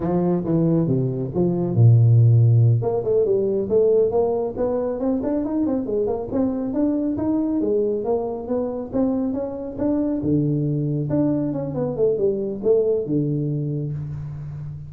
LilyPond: \new Staff \with { instrumentName = "tuba" } { \time 4/4 \tempo 4 = 138 f4 e4 c4 f4 | ais,2~ ais,8 ais8 a8 g8~ | g8 a4 ais4 b4 c'8 | d'8 dis'8 c'8 gis8 ais8 c'4 d'8~ |
d'8 dis'4 gis4 ais4 b8~ | b8 c'4 cis'4 d'4 d8~ | d4. d'4 cis'8 b8 a8 | g4 a4 d2 | }